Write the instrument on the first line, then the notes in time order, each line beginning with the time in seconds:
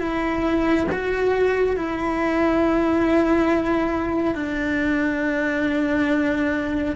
cello
0.00 E4
0.92 F#4
1.76 E4
4.35 D4